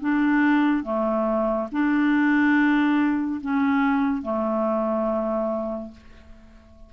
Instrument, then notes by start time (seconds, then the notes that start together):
clarinet
0.00 D4
0.83 A3
1.72 D4
3.41 C#4
4.22 A3